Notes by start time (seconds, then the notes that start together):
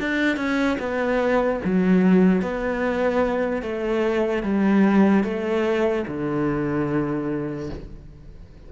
0.00 D4
0.36 C#4
0.79 B3
1.65 F#3
2.42 B3
3.62 A3
4.43 G3
5.24 A3
6.08 D3